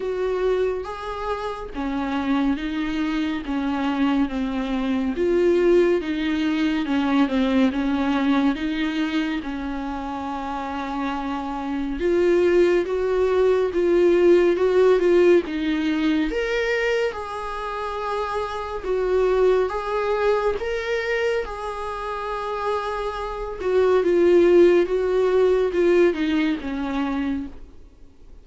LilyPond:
\new Staff \with { instrumentName = "viola" } { \time 4/4 \tempo 4 = 70 fis'4 gis'4 cis'4 dis'4 | cis'4 c'4 f'4 dis'4 | cis'8 c'8 cis'4 dis'4 cis'4~ | cis'2 f'4 fis'4 |
f'4 fis'8 f'8 dis'4 ais'4 | gis'2 fis'4 gis'4 | ais'4 gis'2~ gis'8 fis'8 | f'4 fis'4 f'8 dis'8 cis'4 | }